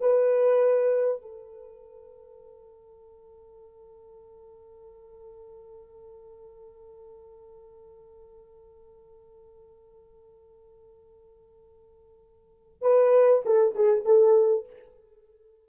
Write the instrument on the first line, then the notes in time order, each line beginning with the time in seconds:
horn
0.00 B4
1.22 A4
12.81 B4
13.45 A4
13.75 G#4
14.05 A4